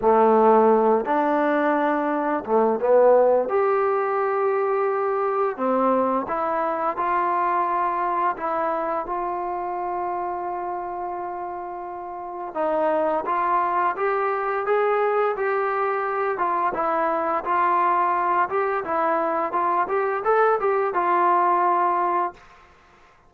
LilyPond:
\new Staff \with { instrumentName = "trombone" } { \time 4/4 \tempo 4 = 86 a4. d'2 a8 | b4 g'2. | c'4 e'4 f'2 | e'4 f'2.~ |
f'2 dis'4 f'4 | g'4 gis'4 g'4. f'8 | e'4 f'4. g'8 e'4 | f'8 g'8 a'8 g'8 f'2 | }